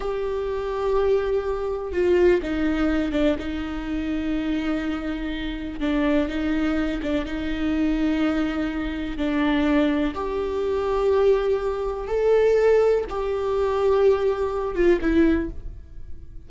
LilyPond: \new Staff \with { instrumentName = "viola" } { \time 4/4 \tempo 4 = 124 g'1 | f'4 dis'4. d'8 dis'4~ | dis'1 | d'4 dis'4. d'8 dis'4~ |
dis'2. d'4~ | d'4 g'2.~ | g'4 a'2 g'4~ | g'2~ g'8 f'8 e'4 | }